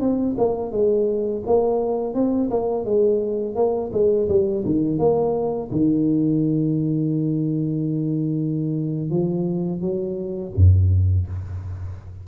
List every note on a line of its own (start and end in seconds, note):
0.00 0.36 C4
0.38 0.71 A#3
0.71 1.43 G#3
1.46 2.14 A#3
2.14 2.50 C4
2.50 2.85 A#3
2.85 3.55 G#3
3.55 3.91 A#3
3.93 4.28 G#3
4.29 4.64 G3
4.65 4.98 D#3
4.98 5.70 A#3
5.71 9.10 D#3
9.10 9.81 F3
9.81 10.52 F#3
10.56 11.27 F#2